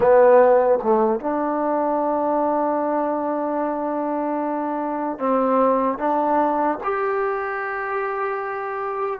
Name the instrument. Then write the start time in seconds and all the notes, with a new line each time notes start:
trombone
0.00 B3
0.82 A3
1.20 D4
5.18 C4
5.98 D4
6.83 G4